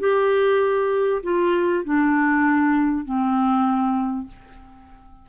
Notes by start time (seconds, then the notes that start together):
0.00 G4
1.23 F4
1.85 D4
3.05 C4